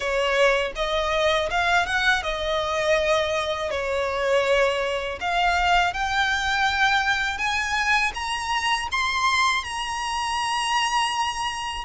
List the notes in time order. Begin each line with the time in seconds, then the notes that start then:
0.00 C#5
0.75 D#5
1.50 F5
1.86 F#5
2.22 D#5
3.70 C#5
5.20 F5
5.93 G5
7.37 G#5
8.14 A#5
8.91 C6
9.63 A#5